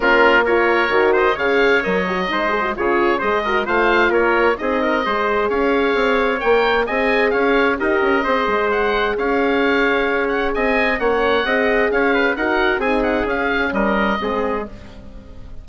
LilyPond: <<
  \new Staff \with { instrumentName = "oboe" } { \time 4/4 \tempo 4 = 131 ais'4 cis''4. dis''8 f''4 | dis''2 cis''4 dis''4 | f''4 cis''4 dis''2 | f''2 g''4 gis''4 |
f''4 dis''2 fis''4 | f''2~ f''8 fis''8 gis''4 | fis''2 f''4 fis''4 | gis''8 fis''8 f''4 dis''2 | }
  \new Staff \with { instrumentName = "trumpet" } { \time 4/4 f'4 ais'4. c''8 cis''4~ | cis''4 c''4 gis'4 c''8 ais'8 | c''4 ais'4 gis'8 ais'8 c''4 | cis''2. dis''4 |
cis''4 ais'4 c''2 | cis''2. dis''4 | cis''4 dis''4 cis''8 b'8 ais'4 | gis'2 ais'4 gis'4 | }
  \new Staff \with { instrumentName = "horn" } { \time 4/4 cis'4 f'4 fis'4 gis'4 | ais'8 fis'8 dis'8 gis'16 fis'16 f'4 gis'8 fis'8 | f'2 dis'4 gis'4~ | gis'2 ais'4 gis'4~ |
gis'4 g'4 gis'2~ | gis'1 | cis'4 gis'2 fis'4 | dis'4 cis'2 c'4 | }
  \new Staff \with { instrumentName = "bassoon" } { \time 4/4 ais2 dis4 cis4 | fis4 gis4 cis4 gis4 | a4 ais4 c'4 gis4 | cis'4 c'4 ais4 c'4 |
cis'4 dis'8 cis'8 c'8 gis4. | cis'2. c'4 | ais4 c'4 cis'4 dis'4 | c'4 cis'4 g4 gis4 | }
>>